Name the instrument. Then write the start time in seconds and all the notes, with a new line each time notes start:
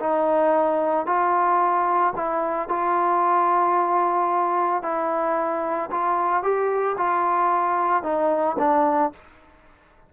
trombone
0.00 D#4
1.06 F4
2.16 E4
2.69 F4
4.83 E4
5.91 F4
6.43 G4
6.98 F4
8.03 D#4
8.59 D4